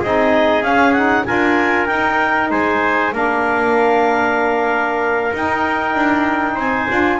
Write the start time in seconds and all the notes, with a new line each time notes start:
0.00 C4 D#4 G#4 D#5
0.62 C#4 F5
0.93 D#4 F#5
1.25 D4 F4 A#4 G#5
1.86 D#4 G5
2.51 G#3 C5 G#5
3.12 A#3 D4 A#4 F5
5.33 D#4 G5
5.95 D4
6.55 C4 C5 G#5
6.90 D4 F4